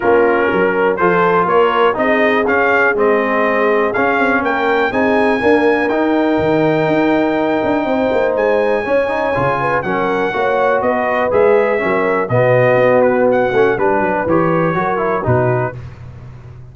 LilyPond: <<
  \new Staff \with { instrumentName = "trumpet" } { \time 4/4 \tempo 4 = 122 ais'2 c''4 cis''4 | dis''4 f''4 dis''2 | f''4 g''4 gis''2 | g''1~ |
g''4 gis''2. | fis''2 dis''4 e''4~ | e''4 dis''4. b'8 fis''4 | b'4 cis''2 b'4 | }
  \new Staff \with { instrumentName = "horn" } { \time 4/4 f'4 ais'4 a'4 ais'4 | gis'1~ | gis'4 ais'4 gis'4 ais'4~ | ais'1 |
c''2 cis''4. b'8 | ais'4 cis''4 b'2 | ais'4 fis'2. | b'2 ais'4 fis'4 | }
  \new Staff \with { instrumentName = "trombone" } { \time 4/4 cis'2 f'2 | dis'4 cis'4 c'2 | cis'2 dis'4 ais4 | dis'1~ |
dis'2 cis'8 dis'8 f'4 | cis'4 fis'2 gis'4 | cis'4 b2~ b8 cis'8 | d'4 g'4 fis'8 e'8 dis'4 | }
  \new Staff \with { instrumentName = "tuba" } { \time 4/4 ais4 fis4 f4 ais4 | c'4 cis'4 gis2 | cis'8 c'8 ais4 c'4 d'4 | dis'4 dis4 dis'4. d'8 |
c'8 ais8 gis4 cis'4 cis4 | fis4 ais4 b4 gis4 | fis4 b,4 b4. a8 | g8 fis8 e4 fis4 b,4 | }
>>